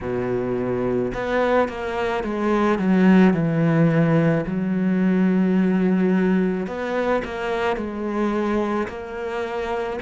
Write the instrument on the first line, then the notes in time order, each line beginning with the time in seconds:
cello
0.01 B2
1.14 B3
1.68 A#3
2.23 G#3
2.78 F#3
3.33 E3
4.46 F#3
6.66 B3
7.24 A#3
7.76 G#3
8.87 A#3